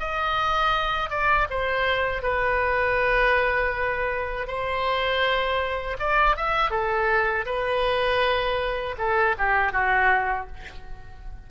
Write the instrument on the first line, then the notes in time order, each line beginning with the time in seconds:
oboe
0.00 D#5
1.10 D5
1.50 C5
2.23 B4
4.47 C5
5.99 D5
6.36 E5
6.71 A4
7.46 B4
8.98 A4
9.38 G4
9.73 F#4